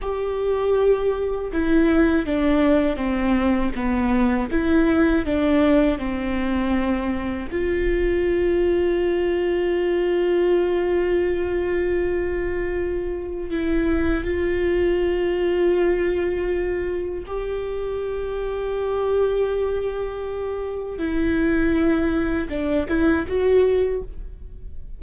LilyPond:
\new Staff \with { instrumentName = "viola" } { \time 4/4 \tempo 4 = 80 g'2 e'4 d'4 | c'4 b4 e'4 d'4 | c'2 f'2~ | f'1~ |
f'2 e'4 f'4~ | f'2. g'4~ | g'1 | e'2 d'8 e'8 fis'4 | }